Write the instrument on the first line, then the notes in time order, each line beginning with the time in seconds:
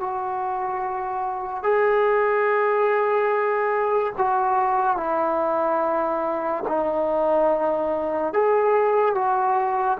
trombone
0.00 F#4
1.63 G#4
4.17 F#4
4.97 E4
6.67 D#4
8.33 G#4
9.15 F#4